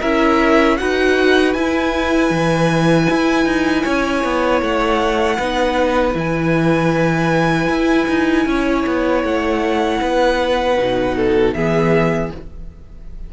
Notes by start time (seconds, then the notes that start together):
0.00 C#4 E4 A#4 E5
0.77 D#4 F#4 B4 F#5
1.53 E4 G#5
2.31 E3
3.10 E4
3.45 D#4
3.83 C#4 C#5
4.24 B3
4.62 A3 F#5
5.38 B3 D#4 B4
6.14 E3 E4 G#5
7.69 E4
8.09 D#4
8.46 C#4 C#5
8.87 B3
9.24 A3 F#5
10.01 B3 B4
10.78 B2 D#4
11.16 A4
11.53 E3 B3 G#4 E5